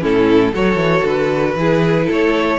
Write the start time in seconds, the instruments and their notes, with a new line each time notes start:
0.00 cello A2, viola C#4, violin E4 A4
0.53 cello F#3, viola F#4, violin A4 C#5
0.76 cello E3
1.05 cello D3, violin B4
1.56 cello E3, viola E4, violin G#4
2.06 cello A3, violin A4
2.13 violin C#5